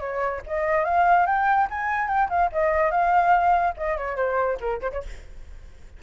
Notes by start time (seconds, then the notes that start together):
0.00 C#5
0.47 D#5
0.85 F5
1.27 G5
1.70 G#5
2.08 G5
2.30 F5
2.53 D#5
2.91 F5
3.77 D#5
3.97 C#5
4.16 C5
4.61 A#4
4.82 C5
4.92 C#5